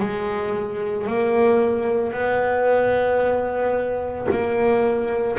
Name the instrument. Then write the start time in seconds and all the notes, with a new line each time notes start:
double bass
0.00 G#3
1.07 A#3
2.13 B3
4.31 A#3